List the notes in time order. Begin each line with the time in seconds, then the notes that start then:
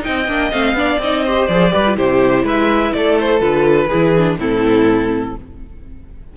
0.00 D#4 D#5 G5
0.07 C4
0.28 A#3 D4
0.51 A3 C4 F5
0.73 B3 D4 D5
0.98 C4 D#4 D#5
1.24 G4 C5
1.47 F3 G#4 D5
1.71 G3 G4 B4
1.87 F4
1.94 C3 E4 G4 C5
2.43 G#3 B4 E5
2.93 A3 A4 D5
3.20 C5
3.40 D3 F4 B4
3.88 E3 E4 G#4
4.17 D4
4.37 A2 C4 E4 A4